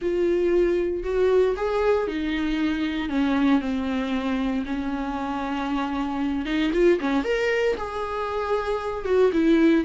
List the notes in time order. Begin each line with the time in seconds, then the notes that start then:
0.01 F4
1.03 F#4
1.56 G#4
2.07 D#4
3.09 C#4
3.60 C4
4.65 C#4
6.45 D#4
6.73 F4
7.00 C#4
7.24 A#4
7.77 G#4
9.05 F#4
9.32 E4